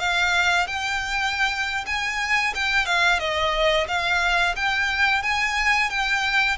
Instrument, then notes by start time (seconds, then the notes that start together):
violin
0.00 F5
0.68 G5
1.87 G#5
2.55 G5
2.86 F5
3.20 D#5
3.88 F5
4.56 G5
5.23 G#5
5.90 G5